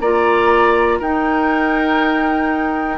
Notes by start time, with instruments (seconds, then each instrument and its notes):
0.00 bassoon A#3, clarinet F4, oboe D5, flute A#5
0.99 bassoon D#4, clarinet D#4, oboe A#4, flute G5